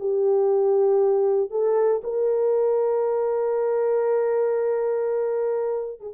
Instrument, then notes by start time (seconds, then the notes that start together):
horn
0.00 G4
1.51 A4
2.04 A#4
6.01 G#4